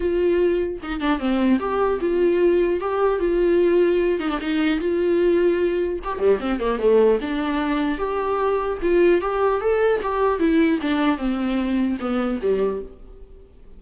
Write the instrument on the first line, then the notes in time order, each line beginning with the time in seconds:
viola
0.00 F4
0.82 D#4
1.00 D4
1.19 C4
1.59 G4
2.00 F4
2.80 G4
3.19 F4
4.19 D#4
4.29 D4
4.40 D#4
4.79 F4
6.03 G4
6.18 G3
6.39 C4
6.59 A#3
6.79 A3
7.21 D4
7.98 G4
8.81 F4
9.21 G4
9.60 A4
10.02 G4
10.39 E4
10.81 D4
11.17 C4
12.00 B3
12.41 G3